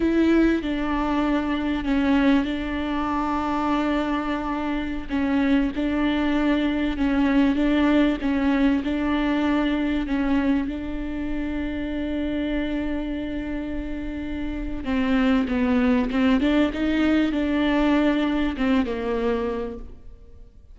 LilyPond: \new Staff \with { instrumentName = "viola" } { \time 4/4 \tempo 4 = 97 e'4 d'2 cis'4 | d'1~ | d'16 cis'4 d'2 cis'8.~ | cis'16 d'4 cis'4 d'4.~ d'16~ |
d'16 cis'4 d'2~ d'8.~ | d'1 | c'4 b4 c'8 d'8 dis'4 | d'2 c'8 ais4. | }